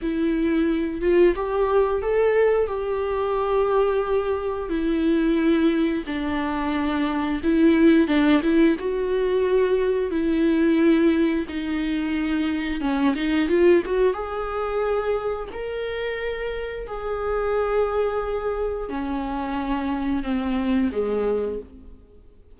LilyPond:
\new Staff \with { instrumentName = "viola" } { \time 4/4 \tempo 4 = 89 e'4. f'8 g'4 a'4 | g'2. e'4~ | e'4 d'2 e'4 | d'8 e'8 fis'2 e'4~ |
e'4 dis'2 cis'8 dis'8 | f'8 fis'8 gis'2 ais'4~ | ais'4 gis'2. | cis'2 c'4 gis4 | }